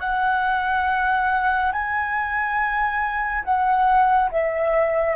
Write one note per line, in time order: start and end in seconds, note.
0.00 1.71 F#5
1.72 3.43 G#5
3.44 4.30 F#5
4.31 5.15 E5